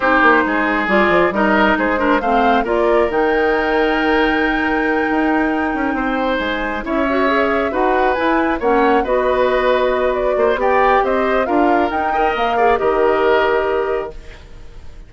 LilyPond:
<<
  \new Staff \with { instrumentName = "flute" } { \time 4/4 \tempo 4 = 136 c''2 d''4 dis''4 | c''4 f''4 d''4 g''4~ | g''1~ | g''2~ g''8 gis''4 e''8~ |
e''4. fis''4 gis''4 fis''8~ | fis''8 dis''2~ dis''8 d''4 | g''4 dis''4 f''4 g''4 | f''4 dis''2. | }
  \new Staff \with { instrumentName = "oboe" } { \time 4/4 g'4 gis'2 ais'4 | gis'8 ais'8 c''4 ais'2~ | ais'1~ | ais'4. c''2 cis''8~ |
cis''4. b'2 cis''8~ | cis''8 b'2. c''8 | d''4 c''4 ais'4. dis''8~ | dis''8 d''8 ais'2. | }
  \new Staff \with { instrumentName = "clarinet" } { \time 4/4 dis'2 f'4 dis'4~ | dis'8 d'8 c'4 f'4 dis'4~ | dis'1~ | dis'2.~ dis'8 e'8 |
fis'8 gis'4 fis'4 e'4 cis'8~ | cis'8 fis'2.~ fis'8 | g'2 f'4 dis'8 ais'8~ | ais'8 gis'8 g'2. | }
  \new Staff \with { instrumentName = "bassoon" } { \time 4/4 c'8 ais8 gis4 g8 f8 g4 | gis4 a4 ais4 dis4~ | dis2.~ dis8 dis'8~ | dis'4 cis'8 c'4 gis4 cis'8~ |
cis'4. dis'4 e'4 ais8~ | ais8 b2. ais8 | b4 c'4 d'4 dis'4 | ais4 dis2. | }
>>